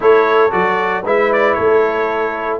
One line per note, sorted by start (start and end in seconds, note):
0.00 0.52 A3
0.00 0.50 E4
0.00 1.05 A4
0.00 0.52 C#5
0.51 1.04 F#3
0.51 1.03 F#4
0.51 1.04 D5
1.04 1.56 G#3
1.04 2.59 E4
1.04 1.56 B4
1.04 1.32 E5
1.32 1.54 D5
1.54 2.59 A3
1.54 2.59 A4
1.54 2.58 C#5